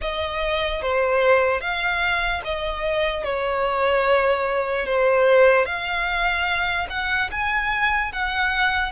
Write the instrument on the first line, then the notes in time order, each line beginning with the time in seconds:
violin
0.01 D#5
0.81 C5
1.60 F5
2.44 D#5
3.24 C#5
4.86 C5
5.65 F5
6.89 F#5
7.31 G#5
8.12 F#5